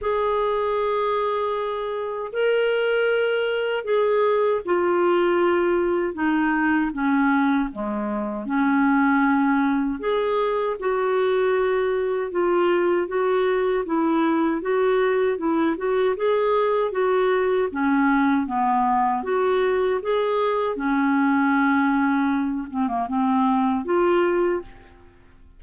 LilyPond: \new Staff \with { instrumentName = "clarinet" } { \time 4/4 \tempo 4 = 78 gis'2. ais'4~ | ais'4 gis'4 f'2 | dis'4 cis'4 gis4 cis'4~ | cis'4 gis'4 fis'2 |
f'4 fis'4 e'4 fis'4 | e'8 fis'8 gis'4 fis'4 cis'4 | b4 fis'4 gis'4 cis'4~ | cis'4. c'16 ais16 c'4 f'4 | }